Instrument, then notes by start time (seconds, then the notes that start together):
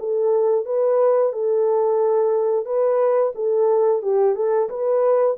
horn
0.00 A4
0.66 B4
1.33 A4
2.66 B4
3.36 A4
4.03 G4
4.36 A4
4.70 B4